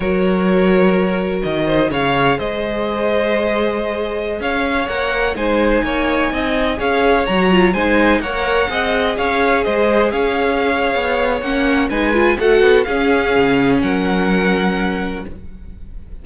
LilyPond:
<<
  \new Staff \with { instrumentName = "violin" } { \time 4/4 \tempo 4 = 126 cis''2. dis''4 | f''4 dis''2.~ | dis''4~ dis''16 f''4 fis''4 gis''8.~ | gis''2~ gis''16 f''4 ais''8.~ |
ais''16 gis''4 fis''2 f''8.~ | f''16 dis''4 f''2~ f''8. | fis''4 gis''4 fis''4 f''4~ | f''4 fis''2. | }
  \new Staff \with { instrumentName = "violin" } { \time 4/4 ais'2.~ ais'8 c''8 | cis''4 c''2.~ | c''4~ c''16 cis''2 c''8.~ | c''16 cis''4 dis''4 cis''4.~ cis''16~ |
cis''16 c''4 cis''4 dis''4 cis''8.~ | cis''16 c''4 cis''2~ cis''8.~ | cis''4 b'4 a'4 gis'4~ | gis'4 ais'2. | }
  \new Staff \with { instrumentName = "viola" } { \time 4/4 fis'1 | gis'1~ | gis'2~ gis'16 ais'4 dis'8.~ | dis'2~ dis'16 gis'4 fis'8 f'16~ |
f'16 dis'4 ais'4 gis'4.~ gis'16~ | gis'1 | cis'4 dis'8 f'8 fis'4 cis'4~ | cis'1 | }
  \new Staff \with { instrumentName = "cello" } { \time 4/4 fis2. dis4 | cis4 gis2.~ | gis4~ gis16 cis'4 ais4 gis8.~ | gis16 ais4 c'4 cis'4 fis8.~ |
fis16 gis4 ais4 c'4 cis'8.~ | cis'16 gis4 cis'4.~ cis'16 b4 | ais4 gis4 a8 b8 cis'4 | cis4 fis2. | }
>>